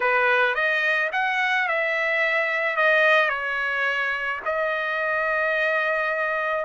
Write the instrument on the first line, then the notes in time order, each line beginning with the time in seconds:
trumpet
0.00 B4
0.54 D#5
1.12 F#5
1.68 E5
2.76 D#5
3.29 C#5
4.45 D#5